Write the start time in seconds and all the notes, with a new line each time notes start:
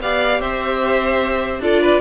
0.00 B3 G4 D5 F5
0.40 C4 C5 E5
1.60 D4 F4 A4 D5
1.81 B4